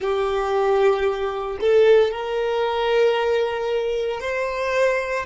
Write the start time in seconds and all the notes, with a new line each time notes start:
0.00 G4
1.60 A4
2.11 A#4
4.20 C5